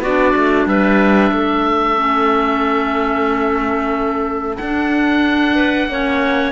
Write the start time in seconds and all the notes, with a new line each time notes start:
0.00 B3 F#4 D5
0.06 D4
0.36 A3
0.66 G3 B4 E5
1.32 A3 A4
1.97 C#4
4.57 D4 F#5
4.64 D4
5.55 B4
5.88 A#3 C#4 C#5